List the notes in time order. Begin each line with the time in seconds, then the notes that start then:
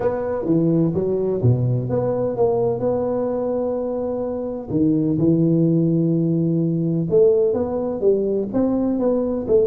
0.00 B3
0.45 E3
0.93 F#3
1.42 B2
1.89 B3
2.36 A#3
2.79 B3
4.70 D#3
5.18 E3
7.10 A3
7.53 B3
8.01 G3
8.53 C4
8.99 B3
9.47 A3